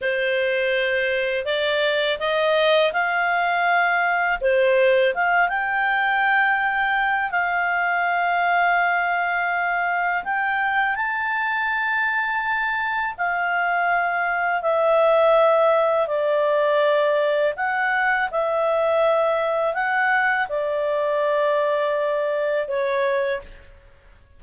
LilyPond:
\new Staff \with { instrumentName = "clarinet" } { \time 4/4 \tempo 4 = 82 c''2 d''4 dis''4 | f''2 c''4 f''8 g''8~ | g''2 f''2~ | f''2 g''4 a''4~ |
a''2 f''2 | e''2 d''2 | fis''4 e''2 fis''4 | d''2. cis''4 | }